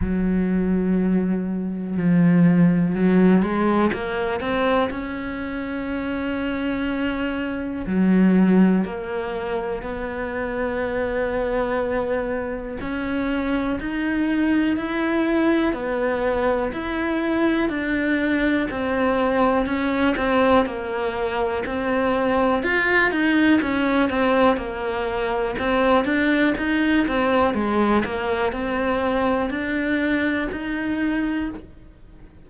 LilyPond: \new Staff \with { instrumentName = "cello" } { \time 4/4 \tempo 4 = 61 fis2 f4 fis8 gis8 | ais8 c'8 cis'2. | fis4 ais4 b2~ | b4 cis'4 dis'4 e'4 |
b4 e'4 d'4 c'4 | cis'8 c'8 ais4 c'4 f'8 dis'8 | cis'8 c'8 ais4 c'8 d'8 dis'8 c'8 | gis8 ais8 c'4 d'4 dis'4 | }